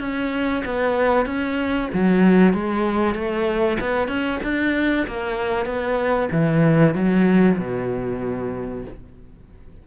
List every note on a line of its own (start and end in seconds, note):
0.00 0.63 C#4
0.65 1.26 B3
1.26 1.89 C#4
1.93 2.54 F#3
2.54 3.15 G#3
3.15 3.78 A3
3.80 4.08 B3
4.08 4.40 C#4
4.44 5.07 D4
5.07 5.66 A#3
5.66 6.29 B3
6.32 6.95 E3
6.95 7.58 F#3
7.59 8.85 B2